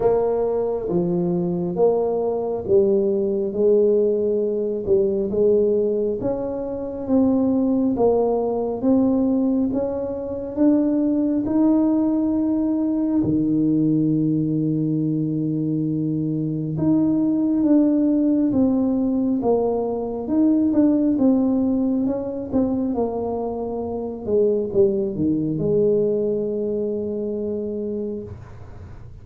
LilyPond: \new Staff \with { instrumentName = "tuba" } { \time 4/4 \tempo 4 = 68 ais4 f4 ais4 g4 | gis4. g8 gis4 cis'4 | c'4 ais4 c'4 cis'4 | d'4 dis'2 dis4~ |
dis2. dis'4 | d'4 c'4 ais4 dis'8 d'8 | c'4 cis'8 c'8 ais4. gis8 | g8 dis8 gis2. | }